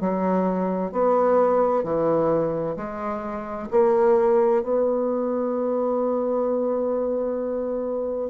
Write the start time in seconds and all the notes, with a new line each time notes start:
0.00 F#3
0.92 B3
1.83 E3
2.76 G#3
3.70 A#3
4.63 B3